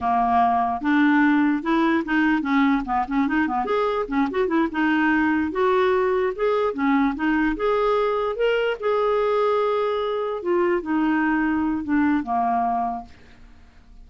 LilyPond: \new Staff \with { instrumentName = "clarinet" } { \time 4/4 \tempo 4 = 147 ais2 d'2 | e'4 dis'4 cis'4 b8 cis'8 | dis'8 b8 gis'4 cis'8 fis'8 e'8 dis'8~ | dis'4. fis'2 gis'8~ |
gis'8 cis'4 dis'4 gis'4.~ | gis'8 ais'4 gis'2~ gis'8~ | gis'4. f'4 dis'4.~ | dis'4 d'4 ais2 | }